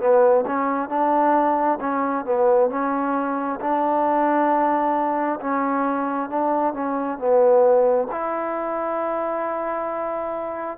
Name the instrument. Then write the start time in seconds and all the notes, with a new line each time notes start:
trombone
0.00 B3
0.46 C#4
0.90 D4
1.81 C#4
2.26 B3
2.70 C#4
3.61 D4
5.40 C#4
6.29 D4
6.74 C#4
7.18 B3
8.11 E4